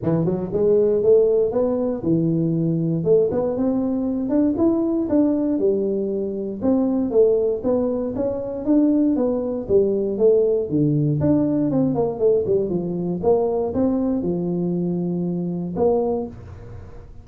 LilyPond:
\new Staff \with { instrumentName = "tuba" } { \time 4/4 \tempo 4 = 118 e8 fis8 gis4 a4 b4 | e2 a8 b8 c'4~ | c'8 d'8 e'4 d'4 g4~ | g4 c'4 a4 b4 |
cis'4 d'4 b4 g4 | a4 d4 d'4 c'8 ais8 | a8 g8 f4 ais4 c'4 | f2. ais4 | }